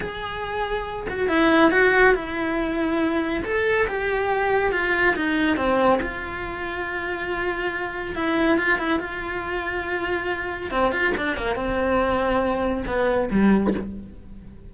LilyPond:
\new Staff \with { instrumentName = "cello" } { \time 4/4 \tempo 4 = 140 gis'2~ gis'8 fis'8 e'4 | fis'4 e'2. | a'4 g'2 f'4 | dis'4 c'4 f'2~ |
f'2. e'4 | f'8 e'8 f'2.~ | f'4 c'8 f'8 d'8 ais8 c'4~ | c'2 b4 g4 | }